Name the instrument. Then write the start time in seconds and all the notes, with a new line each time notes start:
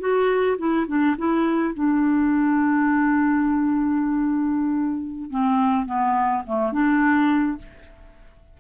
clarinet
0.00 F#4
0.58 E4
0.88 D4
1.18 E4
1.75 D4
5.30 C4
5.86 B3
6.46 A3
6.72 D4